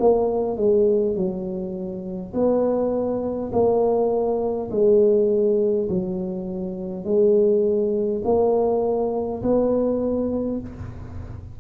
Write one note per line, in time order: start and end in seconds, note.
0.00 0.57 A#3
0.57 1.16 G#3
1.16 2.34 F#3
2.34 3.51 B3
3.52 4.70 A#3
4.71 5.89 G#3
5.89 7.04 F#3
7.04 8.22 G#3
8.25 9.42 A#3
9.43 10.60 B3